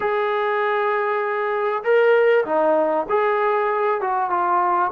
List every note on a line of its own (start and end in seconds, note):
0.00 1.83 G#4
1.83 2.44 A#4
2.45 3.06 D#4
3.09 4.00 G#4
4.00 4.29 F#4
4.29 4.91 F4